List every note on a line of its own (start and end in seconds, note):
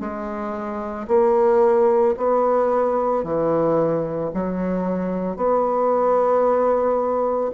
0.00 1.07 G#3
1.08 2.15 A#3
2.17 3.24 B3
3.24 4.31 E3
4.34 5.37 F#3
5.37 7.51 B3